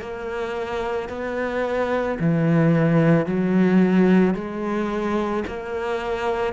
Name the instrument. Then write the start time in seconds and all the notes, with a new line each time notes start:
cello
0.00 A#3
1.09 B3
2.20 E3
3.26 F#3
4.34 G#3
5.47 A#3